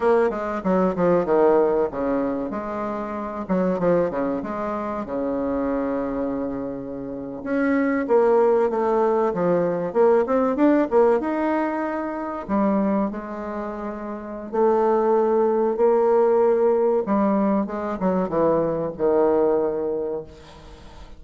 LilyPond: \new Staff \with { instrumentName = "bassoon" } { \time 4/4 \tempo 4 = 95 ais8 gis8 fis8 f8 dis4 cis4 | gis4. fis8 f8 cis8 gis4 | cis2.~ cis8. cis'16~ | cis'8. ais4 a4 f4 ais16~ |
ais16 c'8 d'8 ais8 dis'2 g16~ | g8. gis2~ gis16 a4~ | a4 ais2 g4 | gis8 fis8 e4 dis2 | }